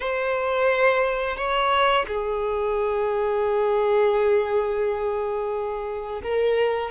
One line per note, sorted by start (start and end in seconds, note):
0.00 1.36 C5
1.36 2.05 C#5
2.07 6.21 G#4
6.22 6.91 A#4